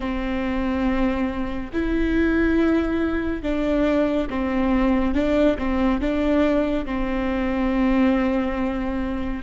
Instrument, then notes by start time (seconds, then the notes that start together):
viola
0.00 C4
1.73 E4
3.42 D4
4.29 C4
5.14 D4
5.58 C4
6.00 D4
6.85 C4